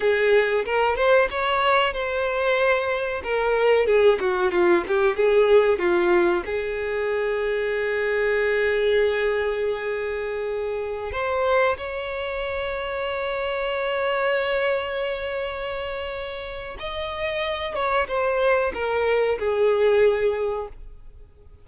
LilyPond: \new Staff \with { instrumentName = "violin" } { \time 4/4 \tempo 4 = 93 gis'4 ais'8 c''8 cis''4 c''4~ | c''4 ais'4 gis'8 fis'8 f'8 g'8 | gis'4 f'4 gis'2~ | gis'1~ |
gis'4~ gis'16 c''4 cis''4.~ cis''16~ | cis''1~ | cis''2 dis''4. cis''8 | c''4 ais'4 gis'2 | }